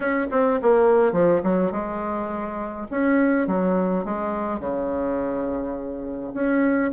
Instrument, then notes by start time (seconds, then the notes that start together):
bassoon
0.00 C#4
0.31 C4
0.61 A#3
1.12 F3
1.43 F#3
1.72 G#3
2.90 C#4
3.47 F#3
4.04 G#3
4.59 C#3
6.33 C#4